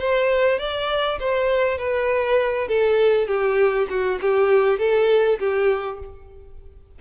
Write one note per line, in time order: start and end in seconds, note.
0.00 0.59 C5
0.59 1.19 D5
1.20 1.79 C5
1.79 2.69 B4
2.69 3.28 A4
3.28 3.88 G4
3.90 4.20 F#4
4.22 4.79 G4
4.79 5.39 A4
5.40 6.00 G4